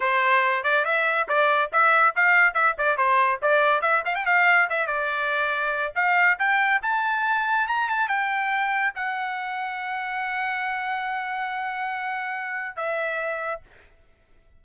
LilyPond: \new Staff \with { instrumentName = "trumpet" } { \time 4/4 \tempo 4 = 141 c''4. d''8 e''4 d''4 | e''4 f''4 e''8 d''8 c''4 | d''4 e''8 f''16 g''16 f''4 e''8 d''8~ | d''2 f''4 g''4 |
a''2 ais''8 a''8 g''4~ | g''4 fis''2.~ | fis''1~ | fis''2 e''2 | }